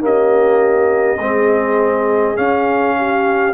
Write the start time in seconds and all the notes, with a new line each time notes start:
0.00 A#3 C#4 G4 D#5
1.20 G#3 C4 G#4
2.36 C#4 F5
2.97 G4